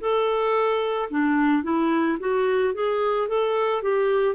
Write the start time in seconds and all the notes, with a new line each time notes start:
0.00 A4
1.10 D4
1.63 E4
2.20 F#4
2.74 G#4
3.28 A4
3.82 G4